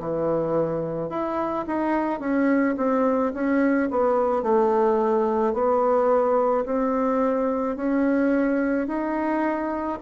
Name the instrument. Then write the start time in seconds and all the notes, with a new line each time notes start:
bassoon
0.00 E3
1.10 E4
1.68 D#4
2.20 C#4
2.78 C4
3.34 C#4
3.91 B3
4.43 A3
5.54 B3
6.66 C4
7.77 C#4
8.88 D#4